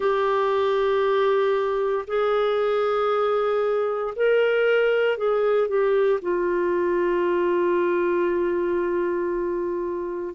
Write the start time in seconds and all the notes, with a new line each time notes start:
0.00 G4
2.07 G#4
4.15 A#4
5.17 G#4
5.68 G4
6.21 F4